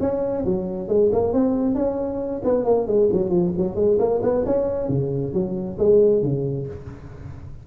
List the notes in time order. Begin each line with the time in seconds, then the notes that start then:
0.00 C#4
0.45 F#3
0.88 G#3
1.12 A#3
1.33 C4
1.75 C#4
2.44 B3
2.65 A#3
2.87 G#3
3.12 F#3
3.29 F3
3.57 F#3
3.76 G#3
3.99 A#3
4.22 B3
4.46 C#4
4.89 C#3
5.34 F#3
5.79 G#3
6.23 C#3